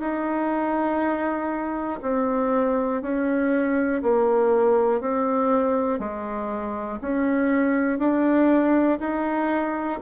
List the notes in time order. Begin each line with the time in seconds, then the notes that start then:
0.00 D#4
2.02 C4
3.02 C#4
4.02 A#3
5.01 C4
5.99 G#3
7.01 C#4
7.99 D4
9.00 D#4